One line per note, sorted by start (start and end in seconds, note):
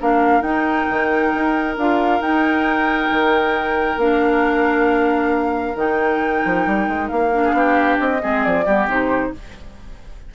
0.00 0.41 A#3
0.00 0.43 D4
0.00 7.44 A#4
0.00 0.42 F5
0.41 0.85 D#4
0.41 1.76 D#4
0.41 1.75 G5
0.90 1.34 D#3
1.34 1.77 D#4
1.77 2.21 D4
1.77 2.21 F4
1.77 2.22 F5
2.21 3.10 D#4
2.21 3.99 D#4
2.21 4.00 G5
3.11 3.97 D#3
3.97 5.75 A#3
3.97 5.76 D4
3.97 5.77 F5
5.76 6.42 D#3
5.76 7.31 D#4
5.76 7.08 G5
6.45 6.67 F3
6.67 6.88 G3
6.88 7.10 G#3
7.08 7.52 A#3
7.08 7.97 F5
7.33 8.20 D4
7.44 7.55 G#4
7.52 7.97 B3
7.52 8.22 G4
8.00 8.22 C4
8.00 8.43 D#5
8.20 8.46 G#3
8.20 8.64 C4
8.20 8.65 G#4
8.43 8.66 F3
8.43 8.88 D5
8.65 8.87 G3
8.65 8.89 B3
8.65 9.32 G4
8.87 9.31 C3
8.87 9.34 D#4
8.87 9.35 C5